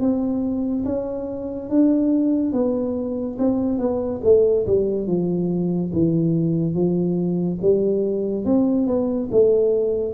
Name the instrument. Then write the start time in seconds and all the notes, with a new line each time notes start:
tuba
0.00 C4
0.85 C#4
1.69 D4
2.53 B3
3.38 C4
3.78 B3
4.24 A3
4.67 G3
5.07 F3
5.93 E3
6.74 F3
7.61 G3
8.45 C4
8.87 B3
9.31 A3